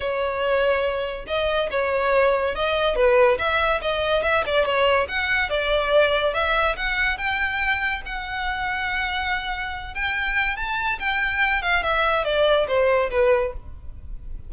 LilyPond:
\new Staff \with { instrumentName = "violin" } { \time 4/4 \tempo 4 = 142 cis''2. dis''4 | cis''2 dis''4 b'4 | e''4 dis''4 e''8 d''8 cis''4 | fis''4 d''2 e''4 |
fis''4 g''2 fis''4~ | fis''2.~ fis''8 g''8~ | g''4 a''4 g''4. f''8 | e''4 d''4 c''4 b'4 | }